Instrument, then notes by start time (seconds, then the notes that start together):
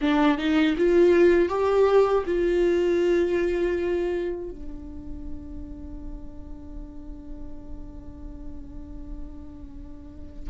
viola
0.01 D4
0.38 D#4
0.77 F4
1.49 G4
2.26 F4
4.50 D4